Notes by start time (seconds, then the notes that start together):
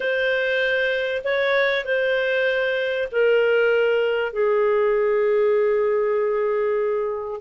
0.00 C5
1.24 C#5
1.84 C5
3.11 A#4
4.32 G#4